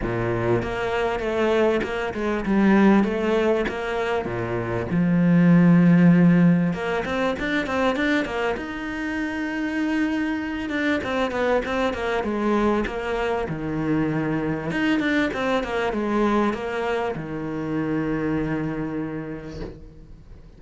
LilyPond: \new Staff \with { instrumentName = "cello" } { \time 4/4 \tempo 4 = 98 ais,4 ais4 a4 ais8 gis8 | g4 a4 ais4 ais,4 | f2. ais8 c'8 | d'8 c'8 d'8 ais8 dis'2~ |
dis'4. d'8 c'8 b8 c'8 ais8 | gis4 ais4 dis2 | dis'8 d'8 c'8 ais8 gis4 ais4 | dis1 | }